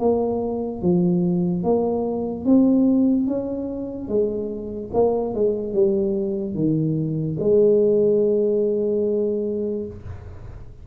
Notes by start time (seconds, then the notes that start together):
0.00 A#3
0.82 F3
1.64 A#3
2.45 C4
3.27 C#4
4.09 G#3
4.94 A#3
5.35 G#3
5.74 G3
6.55 D#3
7.40 G#3